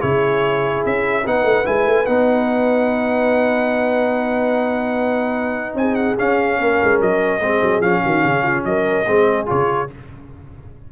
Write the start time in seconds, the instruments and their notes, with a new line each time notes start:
0.00 tuba C#3, trombone E4, horn G#4, trumpet C#5
0.85 tuba C#4, trumpet E5
1.26 tuba B3, trombone D#4, horn B4, trumpet F#5
1.43 tuba A3
1.64 tuba G#3, trombone E4, trumpet G#5
1.86 tuba A3
2.06 tuba B3, trombone D#4, trumpet F#5
5.74 tuba C4, horn G#4, trumpet G#5
5.95 trumpet F#5
6.17 trombone C#4, tuba C#4, trumpet F5
6.58 tuba A#3, horn A#4
6.83 tuba G#3
7.01 tuba F#3, trumpet D#5
7.39 tuba G#3, trombone C4, horn G#4
7.62 tuba F#3
7.80 tuba F3, trombone C#4, trumpet F5
8.03 tuba D#3, horn F#4
8.23 tuba C#3, horn G#4
8.43 horn F4
8.64 tuba F#3, horn A#4, trumpet D#5
9.07 tuba G#3, trombone C4, horn G#4
9.46 tuba C#3, trombone F4, trumpet C#5